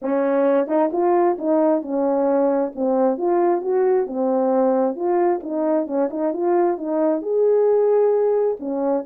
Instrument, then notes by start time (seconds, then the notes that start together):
horn
0.02 C#4
0.67 D#4
0.92 F4
1.38 D#4
1.82 C#4
2.75 C4
3.17 F4
3.61 F#4
4.06 C4
4.95 F4
5.43 D#4
5.86 C#4
6.10 D#4
6.33 F4
6.77 D#4
7.22 G#4
8.59 C#4